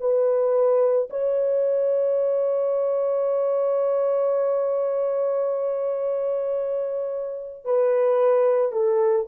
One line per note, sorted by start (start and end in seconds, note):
0.00 1.09 B4
1.10 7.65 C#5
7.65 8.72 B4
8.72 9.26 A4